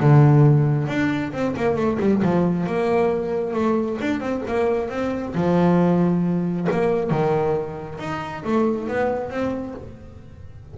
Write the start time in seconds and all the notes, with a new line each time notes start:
0.00 D3
0.88 D4
1.33 C4
1.57 A#3
1.76 A3
2.00 G3
2.22 F3
2.66 A#3
3.53 A3
4.01 D4
4.20 C4
4.47 A#3
4.89 C4
5.35 F3
6.71 A#3
7.10 D#3
7.99 D#4
8.44 A3
8.88 B3
9.30 C4